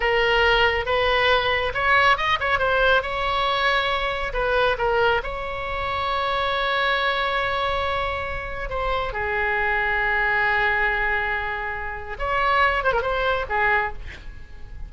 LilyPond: \new Staff \with { instrumentName = "oboe" } { \time 4/4 \tempo 4 = 138 ais'2 b'2 | cis''4 dis''8 cis''8 c''4 cis''4~ | cis''2 b'4 ais'4 | cis''1~ |
cis''1 | c''4 gis'2.~ | gis'1 | cis''4. c''16 ais'16 c''4 gis'4 | }